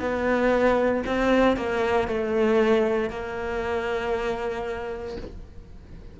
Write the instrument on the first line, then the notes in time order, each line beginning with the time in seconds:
cello
0.00 B3
1.06 C4
1.57 A#3
2.08 A3
3.10 A#3